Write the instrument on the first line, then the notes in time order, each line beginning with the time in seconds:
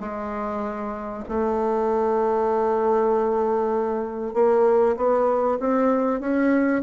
bassoon
0.00 G#3
1.28 A3
4.34 A#3
4.96 B3
5.60 C4
6.20 C#4